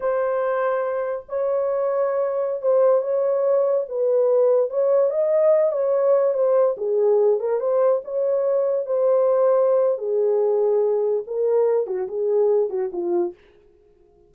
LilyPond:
\new Staff \with { instrumentName = "horn" } { \time 4/4 \tempo 4 = 144 c''2. cis''4~ | cis''2~ cis''16 c''4 cis''8.~ | cis''4~ cis''16 b'2 cis''8.~ | cis''16 dis''4. cis''4. c''8.~ |
c''16 gis'4. ais'8 c''4 cis''8.~ | cis''4~ cis''16 c''2~ c''8. | gis'2. ais'4~ | ais'8 fis'8 gis'4. fis'8 f'4 | }